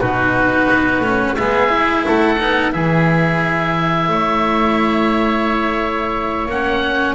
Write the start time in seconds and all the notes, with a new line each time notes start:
0.00 B2 D#4 F#4 B4
0.70 B3
0.99 A3 C#4
1.35 G#3 B3 G#4 E5
1.69 E4
2.06 A3 A4 F#5
2.38 B3 D#4
2.72 E3 E4 G#4 E5
4.08 A3 C#5
6.45 A#3 C#4 F#5